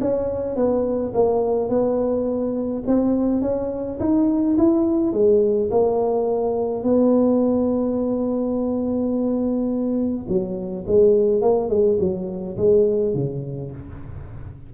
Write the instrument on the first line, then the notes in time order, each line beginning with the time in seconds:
tuba
0.00 C#4
0.56 B3
1.14 A#3
1.69 B3
2.86 C4
3.41 C#4
3.99 D#4
4.57 E4
5.12 G#3
5.70 A#3
6.83 B3
10.28 F#3
10.86 G#3
11.41 A#3
11.69 G#3
11.99 F#3
12.57 G#3
13.14 C#3